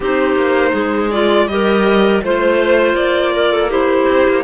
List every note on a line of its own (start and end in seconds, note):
0.00 0.35 C4
0.00 1.11 D#4
0.00 0.71 G4
0.00 1.10 C5
0.35 0.72 A#3
0.71 1.47 G#3
0.71 1.45 G#4
1.10 1.48 F4
1.10 1.47 D5
1.47 2.21 G3
1.47 2.23 G4
1.47 2.23 A#4
1.47 2.21 D#5
2.22 2.93 A3
2.22 3.69 F4
2.22 3.33 C5
2.22 2.95 C5
2.93 4.04 A#3
2.93 3.69 D5
3.33 3.52 A#4
3.52 3.70 A4
3.69 4.43 E4
3.69 4.44 G4
3.69 4.44 C5
4.09 4.27 C4
4.28 4.44 A#3